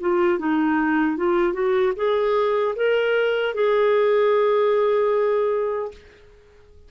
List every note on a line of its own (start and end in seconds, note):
0.00 0.38 F4
0.38 1.17 D#4
1.17 1.53 F4
1.53 1.92 F#4
1.96 2.75 G#4
2.75 3.54 A#4
3.54 5.91 G#4